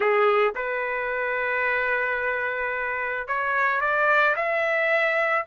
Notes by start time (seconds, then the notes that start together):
0.00 G#4
0.55 B4
3.27 C#5
3.81 D5
4.36 E5